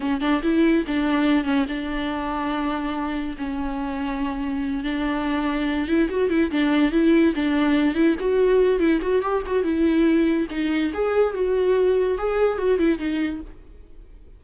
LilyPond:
\new Staff \with { instrumentName = "viola" } { \time 4/4 \tempo 4 = 143 cis'8 d'8 e'4 d'4. cis'8 | d'1 | cis'2.~ cis'8 d'8~ | d'2 e'8 fis'8 e'8 d'8~ |
d'8 e'4 d'4. e'8 fis'8~ | fis'4 e'8 fis'8 g'8 fis'8 e'4~ | e'4 dis'4 gis'4 fis'4~ | fis'4 gis'4 fis'8 e'8 dis'4 | }